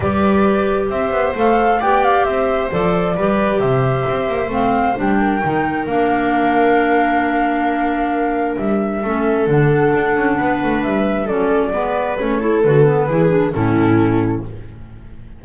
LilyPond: <<
  \new Staff \with { instrumentName = "flute" } { \time 4/4 \tempo 4 = 133 d''2 e''4 f''4 | g''8 f''8 e''4 d''2 | e''2 f''4 g''4~ | g''4 f''2.~ |
f''2. e''4~ | e''4 fis''2. | e''4 d''2 cis''4 | b'2 a'2 | }
  \new Staff \with { instrumentName = "viola" } { \time 4/4 b'2 c''2 | d''4 c''2 b'4 | c''2.~ c''8 ais'8~ | ais'1~ |
ais'1 | a'2. b'4~ | b'4 a'4 b'4. a'8~ | a'4 gis'4 e'2 | }
  \new Staff \with { instrumentName = "clarinet" } { \time 4/4 g'2. a'4 | g'2 a'4 g'4~ | g'2 c'4 d'4 | dis'4 d'2.~ |
d'1 | cis'4 d'2.~ | d'4 cis'4 b4 cis'8 e'8 | fis'8 b8 e'8 d'8 cis'2 | }
  \new Staff \with { instrumentName = "double bass" } { \time 4/4 g2 c'8 b8 a4 | b4 c'4 f4 g4 | c4 c'8 ais8 a4 g4 | dis4 ais2.~ |
ais2. g4 | a4 d4 d'8 cis'8 b8 a8 | g4 fis4 gis4 a4 | d4 e4 a,2 | }
>>